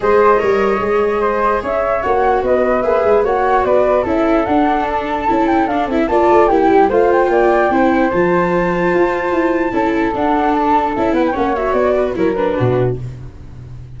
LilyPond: <<
  \new Staff \with { instrumentName = "flute" } { \time 4/4 \tempo 4 = 148 dis''1 | e''4 fis''4 dis''4 e''4 | fis''4 d''4 e''4 fis''4 | a''4. g''8 f''8 e''8 a''4 |
g''4 f''8 g''2~ g''8 | a''1~ | a''4 fis''4 a''4 e''8 fis''16 g''16 | fis''8 e''8 d''4 cis''8 b'4. | }
  \new Staff \with { instrumentName = "flute" } { \time 4/4 c''4 cis''2 c''4 | cis''2 b'2 | cis''4 b'4 a'2~ | a'2. d''4 |
g'4 c''4 d''4 c''4~ | c''1 | a'2.~ a'8 b'8 | cis''4. b'8 ais'4 fis'4 | }
  \new Staff \with { instrumentName = "viola" } { \time 4/4 gis'4 ais'4 gis'2~ | gis'4 fis'2 gis'4 | fis'2 e'4 d'4~ | d'4 e'4 d'8 e'8 f'4 |
e'4 f'2 e'4 | f'1 | e'4 d'2 e'4 | cis'8 fis'4. e'8 d'4. | }
  \new Staff \with { instrumentName = "tuba" } { \time 4/4 gis4 g4 gis2 | cis'4 ais4 b4 ais8 gis8 | ais4 b4 cis'4 d'4~ | d'4 cis'4 d'8 c'8 ais8 a8 |
ais8 g8 a4 ais4 c'4 | f2 f'4 e'4 | cis'4 d'2 cis'8 b8 | ais4 b4 fis4 b,4 | }
>>